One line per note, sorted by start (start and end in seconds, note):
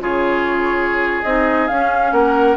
0.00 1.23 C#3
0.00 1.24 F4
0.00 2.13 G#4
0.00 1.23 C#5
1.23 1.69 C4
1.23 1.69 D#4
1.23 1.68 D#5
1.68 2.57 C#4
1.68 2.12 C#4
1.68 2.12 F5
2.12 2.57 A#3
2.12 2.57 A#4
2.12 2.57 F#5